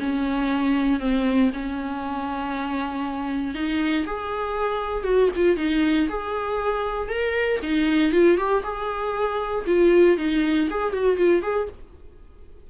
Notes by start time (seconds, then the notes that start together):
0.00 C#4
1.00 C4
1.54 C#4
3.55 D#4
4.06 G#4
5.04 F#4
5.36 F4
5.57 D#4
6.09 G#4
7.09 A#4
7.63 D#4
8.13 F4
8.38 G4
8.64 G#4
9.67 F4
10.18 D#4
10.70 G#4
10.93 F#4
11.17 F4
11.42 G#4